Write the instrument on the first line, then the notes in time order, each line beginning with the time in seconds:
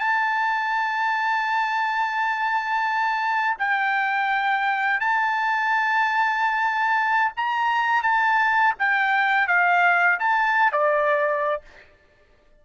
trumpet
0.00 A5
3.59 G5
5.01 A5
7.37 A#5
8.03 A5
8.79 G5
9.48 F5
10.19 A5
10.72 D5